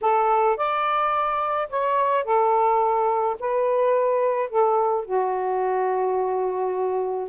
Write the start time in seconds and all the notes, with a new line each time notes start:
0.01 A4
0.56 D5
1.69 C#5
2.24 A4
3.39 B4
4.49 A4
5.05 F#4